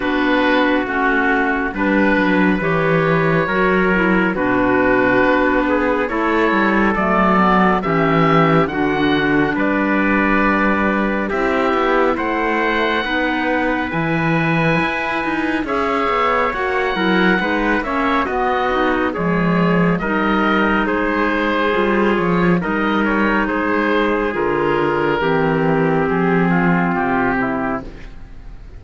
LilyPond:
<<
  \new Staff \with { instrumentName = "oboe" } { \time 4/4 \tempo 4 = 69 b'4 fis'4 b'4 cis''4~ | cis''4 b'2 cis''4 | d''4 e''4 fis''4 d''4~ | d''4 e''4 fis''2 |
gis''2 e''4 fis''4~ | fis''8 e''8 dis''4 cis''4 dis''4 | c''4. cis''8 dis''8 cis''8 c''4 | ais'2 gis'4 g'4 | }
  \new Staff \with { instrumentName = "trumpet" } { \time 4/4 fis'2 b'2 | ais'4 fis'4. gis'8 a'4~ | a'4 g'4 fis'4 b'4~ | b'4 g'4 c''4 b'4~ |
b'2 cis''4. ais'8 | b'8 cis''8 fis'4 gis'4 ais'4 | gis'2 ais'4 gis'4~ | gis'4 g'4. f'4 e'8 | }
  \new Staff \with { instrumentName = "clarinet" } { \time 4/4 d'4 cis'4 d'4 g'4 | fis'8 e'8 d'2 e'4 | a8 b8 cis'4 d'2~ | d'4 e'2 dis'4 |
e'2 gis'4 fis'8 e'8 | dis'8 cis'8 b8 dis'8 gis4 dis'4~ | dis'4 f'4 dis'2 | f'4 c'2. | }
  \new Staff \with { instrumentName = "cello" } { \time 4/4 b4 a4 g8 fis8 e4 | fis4 b,4 b4 a8 g8 | fis4 e4 d4 g4~ | g4 c'8 b8 a4 b4 |
e4 e'8 dis'8 cis'8 b8 ais8 fis8 | gis8 ais8 b4 f4 g4 | gis4 g8 f8 g4 gis4 | d4 e4 f4 c4 | }
>>